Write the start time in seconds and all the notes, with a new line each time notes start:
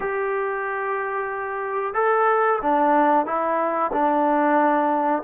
0.00 G4
1.94 A4
2.61 D4
3.26 E4
3.92 D4